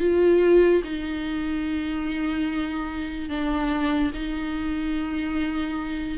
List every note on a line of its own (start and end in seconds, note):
0.00 0.82 F4
0.84 3.30 D#4
3.30 4.12 D4
4.14 6.18 D#4